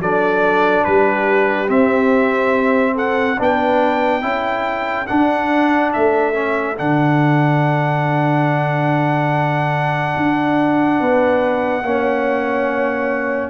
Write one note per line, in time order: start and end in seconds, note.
0.00 0.85 F#3
0.00 1.68 D4
0.00 0.86 A4
0.00 0.85 D5
0.85 1.70 G3
0.85 2.95 G4
0.85 1.69 B4
1.68 3.37 C4
1.68 3.39 C4
1.68 2.97 E5
2.95 3.37 A4
2.95 3.40 F#5
3.39 4.24 B3
3.39 4.22 D4
3.39 4.24 B4
3.39 5.08 G5
4.22 5.08 C#4
4.22 5.06 E4
4.22 11.00 A4
5.08 6.34 D4
5.08 5.96 D4
5.08 5.92 F#5
5.93 6.80 A3
5.93 6.78 E5
6.34 6.76 C#4
6.77 10.17 D3
6.77 11.84 D4
6.77 13.50 F#5
10.17 11.01 D4
11.00 11.83 B3
11.00 11.85 B4
11.83 13.50 A#3
11.83 13.50 C#4
11.83 13.50 C#5